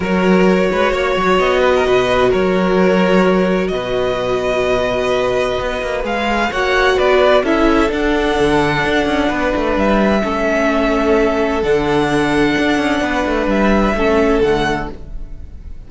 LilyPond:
<<
  \new Staff \with { instrumentName = "violin" } { \time 4/4 \tempo 4 = 129 cis''2. dis''4~ | dis''4 cis''2. | dis''1~ | dis''4 f''4 fis''4 d''4 |
e''4 fis''2.~ | fis''4 e''2.~ | e''4 fis''2.~ | fis''4 e''2 fis''4 | }
  \new Staff \with { instrumentName = "violin" } { \time 4/4 ais'4. b'8 cis''4. b'16 ais'16 | b'4 ais'2. | b'1~ | b'2 cis''4 b'4 |
a'1 | b'2 a'2~ | a'1 | b'2 a'2 | }
  \new Staff \with { instrumentName = "viola" } { \time 4/4 fis'1~ | fis'1~ | fis'1~ | fis'4 gis'4 fis'2 |
e'4 d'2.~ | d'2 cis'2~ | cis'4 d'2.~ | d'2 cis'4 a4 | }
  \new Staff \with { instrumentName = "cello" } { \time 4/4 fis4. gis8 ais8 fis8 b4 | b,4 fis2. | b,1 | b8 ais8 gis4 ais4 b4 |
cis'4 d'4 d4 d'8 cis'8 | b8 a8 g4 a2~ | a4 d2 d'8 cis'8 | b8 a8 g4 a4 d4 | }
>>